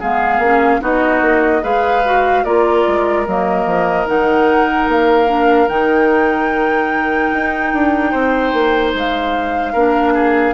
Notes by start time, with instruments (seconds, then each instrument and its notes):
0.00 bassoon G#3, clarinet B3, oboe G#4, flute F5
0.39 bassoon A#3, clarinet C#4
0.81 bassoon B3, clarinet D#4, oboe F#4, flute D#5
1.22 bassoon A#3
1.62 bassoon G#3, clarinet G#4, oboe B4, flute F5
2.05 clarinet F#4
2.44 bassoon A#3, clarinet F4, oboe A#4, flute D5
2.88 bassoon G#3
3.27 bassoon F#3, clarinet A#3, flute D#5
3.66 bassoon F3
4.07 bassoon D#3, clarinet D#4, flute F#5
4.88 bassoon A#3, flute F5
5.27 clarinet D4
5.68 bassoon D#3, clarinet D#4, flute G5
7.33 bassoon D#4
7.73 bassoon D4
8.11 bassoon C4, oboe C5
8.53 bassoon A#3
8.94 bassoon G#3, flute F5
9.73 bassoon A#3, clarinet D4, oboe A#4
10.14 oboe G#4